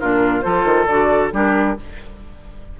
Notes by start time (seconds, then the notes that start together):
0.00 A#2 D4 F4 A#4
0.41 F3 F4 A4 C5
0.65 D#3
0.87 D3 F#4 D5
1.32 G3 D4 G4 A#4